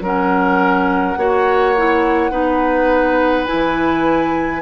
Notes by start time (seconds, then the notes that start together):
0.00 F#3 C#4 A#4 F#5
1.16 A#3 F#4 C#5
1.76 E4
2.31 B3 D#4 B4
3.46 E4 G#5
3.53 E3